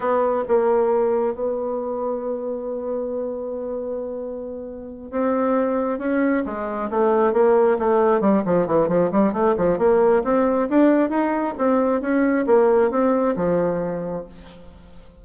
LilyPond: \new Staff \with { instrumentName = "bassoon" } { \time 4/4 \tempo 4 = 135 b4 ais2 b4~ | b1~ | b2.~ b8 c'8~ | c'4. cis'4 gis4 a8~ |
a8 ais4 a4 g8 f8 e8 | f8 g8 a8 f8 ais4 c'4 | d'4 dis'4 c'4 cis'4 | ais4 c'4 f2 | }